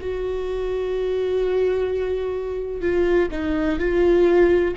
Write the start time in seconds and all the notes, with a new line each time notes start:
0.00 F#4
2.81 F4
3.31 D#4
3.79 F4